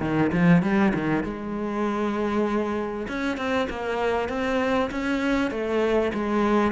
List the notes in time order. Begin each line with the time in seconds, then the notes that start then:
0.00 D#3
0.32 F3
0.62 G3
0.94 D#3
1.23 G#3
3.08 C#4
3.37 C4
3.69 A#3
4.29 C4
4.90 C#4
5.50 A3
6.13 G#3